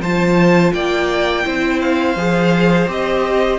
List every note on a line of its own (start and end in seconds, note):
0.00 0.71 F3
0.00 1.44 F4
0.00 0.73 C5
0.00 0.73 A5
0.73 1.45 A#3
0.73 1.45 D5
0.73 1.80 G5
1.44 2.15 C4
1.44 2.15 E4
1.44 3.58 C5
1.81 2.88 F5
2.15 2.87 F3
2.15 2.88 G#4
2.88 3.58 C4
2.88 3.58 G4
2.88 3.58 D#5